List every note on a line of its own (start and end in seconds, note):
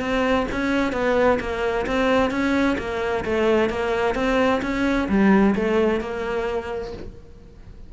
0.00 0.46 C4
0.52 0.92 C#4
0.92 1.38 B3
1.40 1.86 A#3
1.86 2.31 C4
2.31 2.77 C#4
2.78 3.24 A#3
3.25 3.69 A3
3.69 4.15 A#3
4.15 4.61 C4
4.62 5.08 C#4
5.09 5.55 G3
5.55 6.00 A3
6.00 6.93 A#3